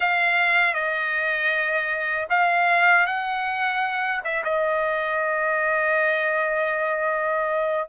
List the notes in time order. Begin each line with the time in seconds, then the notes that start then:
0.00 F5
0.73 D#5
2.29 F5
3.06 F#5
4.24 E5
4.44 D#5